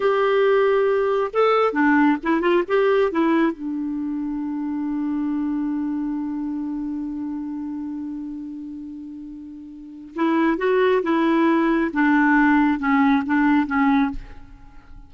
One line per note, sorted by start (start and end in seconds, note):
0.00 1.31 G4
1.33 1.72 A4
1.72 2.17 D4
2.23 2.41 E4
2.41 2.63 F4
2.68 3.11 G4
3.11 3.52 E4
3.52 10.14 D4
10.15 10.57 E4
10.57 11.02 F#4
11.03 11.91 E4
11.93 12.79 D4
12.79 13.23 C#4
13.26 13.66 D4
13.66 14.11 C#4